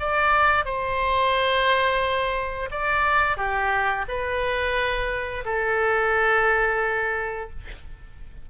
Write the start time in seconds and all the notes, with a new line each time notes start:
0.00 D5
0.65 C5
2.71 D5
3.37 G4
4.08 B4
5.45 A4